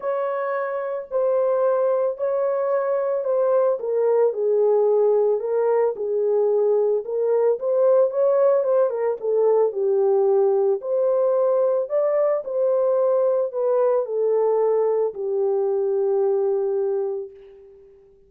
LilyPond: \new Staff \with { instrumentName = "horn" } { \time 4/4 \tempo 4 = 111 cis''2 c''2 | cis''2 c''4 ais'4 | gis'2 ais'4 gis'4~ | gis'4 ais'4 c''4 cis''4 |
c''8 ais'8 a'4 g'2 | c''2 d''4 c''4~ | c''4 b'4 a'2 | g'1 | }